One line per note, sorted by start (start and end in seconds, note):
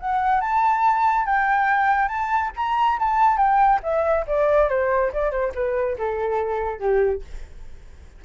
0.00 0.41 F#5
0.41 1.25 A5
1.25 2.08 G5
2.08 2.51 A5
2.56 2.99 A#5
2.99 3.37 A5
3.37 3.80 G5
3.83 4.26 E5
4.27 4.69 D5
4.69 5.12 C5
5.13 5.31 D5
5.31 5.52 C5
5.55 5.97 B4
5.98 6.79 A4
6.79 7.22 G4